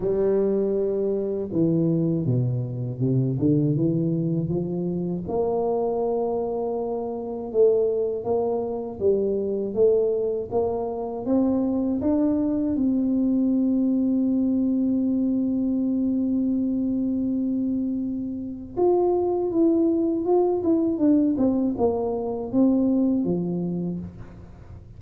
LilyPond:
\new Staff \with { instrumentName = "tuba" } { \time 4/4 \tempo 4 = 80 g2 e4 b,4 | c8 d8 e4 f4 ais4~ | ais2 a4 ais4 | g4 a4 ais4 c'4 |
d'4 c'2.~ | c'1~ | c'4 f'4 e'4 f'8 e'8 | d'8 c'8 ais4 c'4 f4 | }